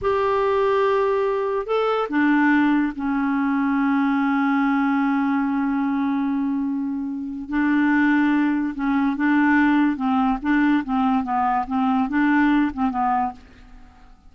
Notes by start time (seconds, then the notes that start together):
0.01 G4
1.66 A4
2.09 D4
2.95 C#4
7.49 D4
8.75 C#4
9.16 D4
9.96 C4
10.41 D4
10.84 C4
11.23 B3
11.67 C4
12.09 D4
12.73 C4
12.90 B3